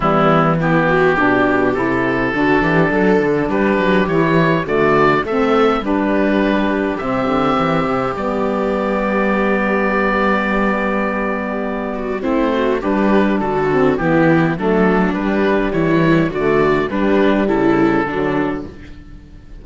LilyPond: <<
  \new Staff \with { instrumentName = "oboe" } { \time 4/4 \tempo 4 = 103 e'4 g'2 a'4~ | a'2 b'4 cis''4 | d''4 e''4 b'2 | e''2 d''2~ |
d''1~ | d''4 c''4 b'4 a'4 | g'4 a'4 b'4 cis''4 | d''4 b'4 a'2 | }
  \new Staff \with { instrumentName = "viola" } { \time 4/4 b4 e'8 fis'8 g'2 | fis'8 g'8 a'4 g'2 | fis'4 a'4 g'2~ | g'1~ |
g'1~ | g'8 fis'8 e'8 fis'8 g'4 fis'4 | e'4 d'2 e'4 | fis'4 d'4 e'4 d'4 | }
  \new Staff \with { instrumentName = "saxophone" } { \time 4/4 g4 b4 d'4 e'4 | d'2. e'4 | a4 c'4 d'2 | c'2 b2~ |
b1~ | b4 c'4 d'4. c'8 | b4 a4 g2 | a4 g2 fis4 | }
  \new Staff \with { instrumentName = "cello" } { \time 4/4 e2 b,4 c4 | d8 e8 fis8 d8 g8 fis8 e4 | d4 a4 g2 | c8 d8 e8 c8 g2~ |
g1~ | g4 a4 g4 d4 | e4 fis4 g4 e4 | d4 g4 cis4 d4 | }
>>